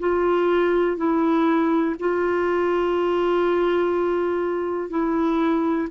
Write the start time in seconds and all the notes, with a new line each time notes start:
0.00 F4
0.97 E4
2.00 F4
4.90 E4